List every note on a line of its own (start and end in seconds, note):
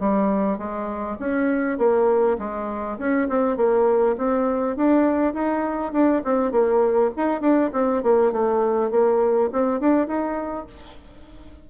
0.00 0.58 G3
0.58 1.18 G#3
1.20 1.78 C#4
1.78 2.38 A#3
2.39 2.98 G#3
2.99 3.28 C#4
3.29 3.57 C4
3.57 4.16 A#3
4.18 4.77 C4
4.77 5.34 D4
5.34 5.93 D#4
5.93 6.22 D4
6.25 6.52 C4
6.52 7.12 A#3
7.17 7.41 D#4
7.41 7.71 D4
7.73 8.03 C4
8.03 8.32 A#3
8.32 8.91 A3
8.91 9.50 A#3
9.53 9.81 C4
9.81 10.07 D4
10.07 10.67 D#4